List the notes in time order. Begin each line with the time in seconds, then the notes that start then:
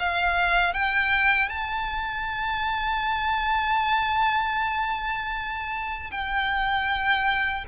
0.00 F5
0.74 G5
1.50 A5
6.11 G5